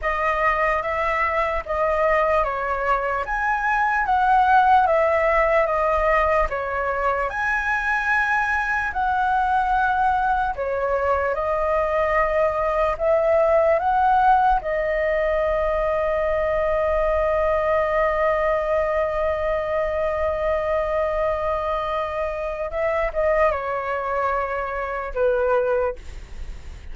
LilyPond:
\new Staff \with { instrumentName = "flute" } { \time 4/4 \tempo 4 = 74 dis''4 e''4 dis''4 cis''4 | gis''4 fis''4 e''4 dis''4 | cis''4 gis''2 fis''4~ | fis''4 cis''4 dis''2 |
e''4 fis''4 dis''2~ | dis''1~ | dis''1 | e''8 dis''8 cis''2 b'4 | }